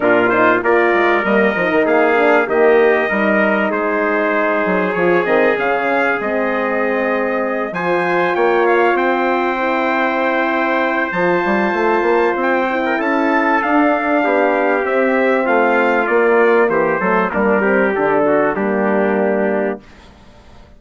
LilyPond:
<<
  \new Staff \with { instrumentName = "trumpet" } { \time 4/4 \tempo 4 = 97 ais'8 c''8 d''4 dis''4 f''4 | dis''2 c''2 | cis''8 dis''8 f''4 dis''2~ | dis''8 gis''4 g''8 f''8 g''4.~ |
g''2 a''2 | g''4 a''4 f''2 | e''4 f''4 d''4 c''4 | ais'4 a'4 g'2 | }
  \new Staff \with { instrumentName = "trumpet" } { \time 4/4 f'4 ais'2 gis'4 | g'4 ais'4 gis'2~ | gis'1~ | gis'8 c''4 cis''4 c''4.~ |
c''1~ | c''8. ais'16 a'2 g'4~ | g'4 f'2 g'8 a'8 | d'8 g'4 fis'8 d'2 | }
  \new Staff \with { instrumentName = "horn" } { \time 4/4 d'8 dis'8 f'4 ais8 dis'4 d'8 | ais4 dis'2. | f'8 c'8 cis'4 c'2~ | c'8 f'2. e'8~ |
e'2 f'2~ | f'8 e'4. d'2 | c'2 ais4. a8 | ais8 c'8 d'4 ais2 | }
  \new Staff \with { instrumentName = "bassoon" } { \time 4/4 ais,4 ais8 gis8 g8 f16 dis16 ais4 | dis4 g4 gis4. fis8 | f8 dis8 cis4 gis2~ | gis8 f4 ais4 c'4.~ |
c'2 f8 g8 a8 ais8 | c'4 cis'4 d'4 b4 | c'4 a4 ais4 e8 fis8 | g4 d4 g2 | }
>>